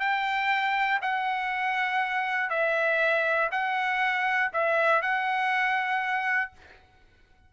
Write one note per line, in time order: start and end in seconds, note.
0.00 1.00 G5
1.02 2.50 F#5
2.50 3.50 E5
3.52 4.52 F#5
4.53 5.02 E5
5.02 6.52 F#5